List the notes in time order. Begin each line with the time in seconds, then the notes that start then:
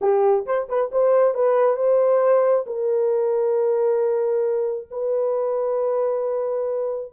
0.01 G4
0.45 C5
0.68 B4
0.91 C5
1.34 B4
1.76 C5
2.66 A#4
4.90 B4